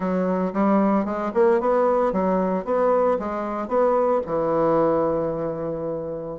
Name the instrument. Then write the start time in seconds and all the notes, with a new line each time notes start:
bassoon
0.00 F#3
0.53 G3
1.05 G#3
1.33 A#3
1.60 B3
2.12 F#3
2.64 B3
3.19 G#3
3.68 B3
4.26 E3